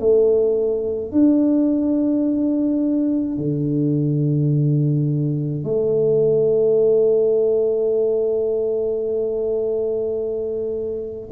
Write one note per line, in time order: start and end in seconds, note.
0.00 1.12 A3
1.12 3.38 D4
3.38 5.64 D3
5.64 11.31 A3